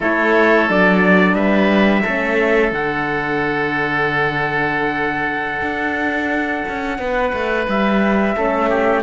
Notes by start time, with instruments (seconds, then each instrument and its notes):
0.00 cello A3, horn E4, oboe A4, trumpet C#5
0.68 cello F#3, horn D4, trumpet D5
1.33 cello G3, oboe B4, trumpet E5
2.02 cello A3, horn C#4, oboe A4
2.71 cello D3, horn D4, trumpet F#5
5.61 cello D4
6.68 cello C#4
6.98 cello B3, oboe B4
7.33 cello A3
7.67 cello G3, trumpet E5
8.36 cello A3, horn C#4, oboe A4
8.69 oboe G4